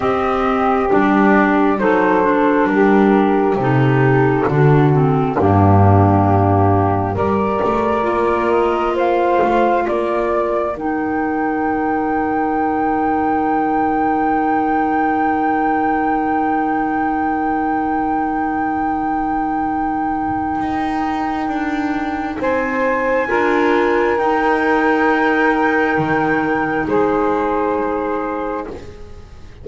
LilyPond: <<
  \new Staff \with { instrumentName = "flute" } { \time 4/4 \tempo 4 = 67 dis''4 d''4 c''4 ais'4 | a'2 g'2 | d''4. dis''8 f''4 d''4 | g''1~ |
g''1~ | g''1~ | g''4 gis''2 g''4~ | g''2 c''2 | }
  \new Staff \with { instrumentName = "saxophone" } { \time 4/4 g'2 a'4 g'4~ | g'4 fis'4 d'2 | ais'2 c''4 ais'4~ | ais'1~ |
ais'1~ | ais'1~ | ais'4 c''4 ais'2~ | ais'2 gis'2 | }
  \new Staff \with { instrumentName = "clarinet" } { \time 4/4 c'4 d'4 dis'8 d'4. | dis'4 d'8 c'8 ais2 | g'4 f'2. | dis'1~ |
dis'1~ | dis'1~ | dis'2 f'4 dis'4~ | dis'1 | }
  \new Staff \with { instrumentName = "double bass" } { \time 4/4 c'4 g4 fis4 g4 | c4 d4 g,2 | g8 a8 ais4. a8 ais4 | dis1~ |
dis1~ | dis2. dis'4 | d'4 c'4 d'4 dis'4~ | dis'4 dis4 gis2 | }
>>